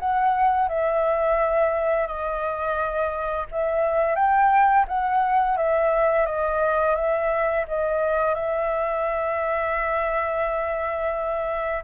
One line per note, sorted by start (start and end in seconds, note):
0.00 0.69 F#5
0.69 2.07 E5
2.07 3.47 D#5
3.52 4.16 E5
4.16 4.86 G5
4.88 5.58 F#5
5.58 6.26 E5
6.26 6.96 D#5
6.96 7.66 E5
7.68 8.35 D#5
8.35 11.84 E5